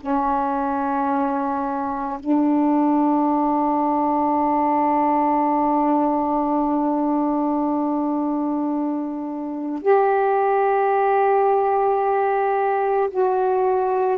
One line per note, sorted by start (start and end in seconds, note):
0.00 2.18 C#4
2.19 9.82 D4
9.82 13.09 G4
13.10 14.18 F#4